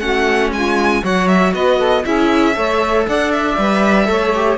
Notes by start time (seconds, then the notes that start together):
0.00 A3 C#4 F#4 F#5
0.52 G#3 F4 G#5
1.03 F#3 F#4 C#5 F#5
1.28 E5
1.54 B3 B4 D#5
1.78 A4
2.05 C#4 E4 G#4 E5
2.54 A3 A4 C#5
3.08 D4 D5 F#5
3.32 E5
3.58 G3 B4
4.06 A3 A4 C#5
4.35 G4